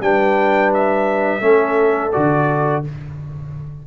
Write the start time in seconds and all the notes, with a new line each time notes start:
0.00 G3 D4 B4 G5
0.73 E5
1.40 A3 C#4 A4
2.12 D3 F#4 D5